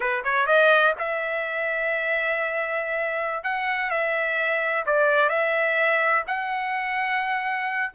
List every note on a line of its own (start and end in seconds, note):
0.00 0.23 B4
0.24 0.46 C#5
0.46 0.93 D#5
0.98 3.43 E5
3.43 3.90 F#5
3.90 4.84 E5
4.86 5.29 D5
5.29 6.23 E5
6.27 7.92 F#5